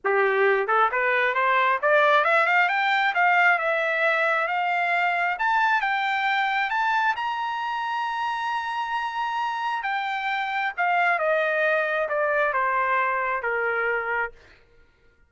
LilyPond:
\new Staff \with { instrumentName = "trumpet" } { \time 4/4 \tempo 4 = 134 g'4. a'8 b'4 c''4 | d''4 e''8 f''8 g''4 f''4 | e''2 f''2 | a''4 g''2 a''4 |
ais''1~ | ais''2 g''2 | f''4 dis''2 d''4 | c''2 ais'2 | }